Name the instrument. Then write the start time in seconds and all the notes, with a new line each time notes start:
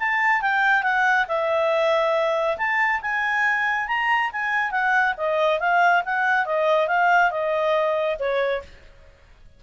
clarinet
0.00 A5
0.42 G5
0.83 F#5
1.28 E5
2.58 A5
3.02 G#5
3.88 A#5
4.32 G#5
4.71 F#5
5.17 D#5
5.60 F5
6.05 F#5
6.46 D#5
6.88 F5
7.31 D#5
8.19 C#5